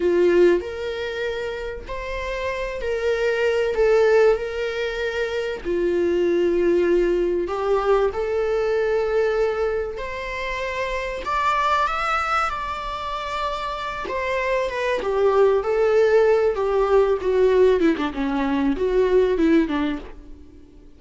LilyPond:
\new Staff \with { instrumentName = "viola" } { \time 4/4 \tempo 4 = 96 f'4 ais'2 c''4~ | c''8 ais'4. a'4 ais'4~ | ais'4 f'2. | g'4 a'2. |
c''2 d''4 e''4 | d''2~ d''8 c''4 b'8 | g'4 a'4. g'4 fis'8~ | fis'8 e'16 d'16 cis'4 fis'4 e'8 d'8 | }